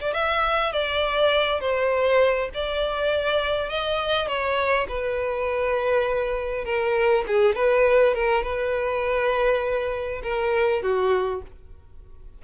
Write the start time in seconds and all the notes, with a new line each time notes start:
0.00 D5
0.14 E5
0.72 D5
1.60 C5
2.54 D5
3.69 D#5
4.27 C#5
4.88 B4
6.65 A#4
7.27 G#4
7.55 B4
8.14 A#4
8.43 B4
10.23 A#4
10.82 F#4